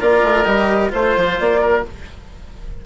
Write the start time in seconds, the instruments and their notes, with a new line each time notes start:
0.00 bassoon A#3, cello F4, oboe A#4, flute D5
0.23 bassoon A3
0.45 bassoon G3, cello G4, flute D#5
0.90 bassoon A3, cello F4, oboe C5, flute C5
1.16 bassoon F3
1.39 bassoon A#3, flute D5
1.61 oboe A#4